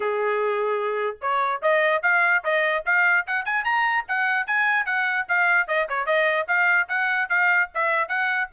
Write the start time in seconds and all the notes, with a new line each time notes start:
0.00 G#4
1.21 C#5
1.62 D#5
2.02 F5
2.43 D#5
2.85 F5
3.26 F#5
3.45 G#5
3.64 A#5
4.08 F#5
4.46 G#5
4.85 F#5
5.28 F5
5.67 D#5
5.88 C#5
6.06 D#5
6.47 F5
6.88 F#5
7.29 F5
7.74 E5
8.08 F#5